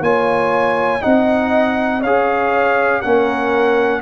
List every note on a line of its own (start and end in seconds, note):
0.00 1.00 A#3
0.00 1.01 F4
0.00 1.02 C#5
0.00 1.02 G#5
1.01 2.04 C4
1.01 2.01 D#4
1.01 2.00 D#5
1.01 2.02 F#5
2.00 3.04 C#4
2.00 3.03 G#4
2.00 3.00 C#5
2.00 3.01 F5
3.01 4.01 A#3
3.01 4.01 C#4
3.01 4.01 A#4
3.01 4.01 F#5